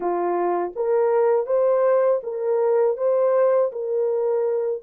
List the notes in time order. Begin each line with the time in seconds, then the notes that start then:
0.00 F4
0.75 A#4
1.46 C5
2.23 A#4
2.97 C5
3.72 A#4